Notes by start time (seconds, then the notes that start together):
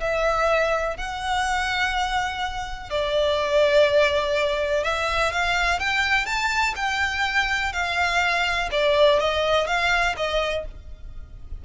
0.00 E5
0.97 F#5
2.90 D5
4.84 E5
5.32 F5
5.79 G5
6.26 A5
6.76 G5
7.72 F5
8.71 D5
9.19 D#5
9.67 F5
10.16 D#5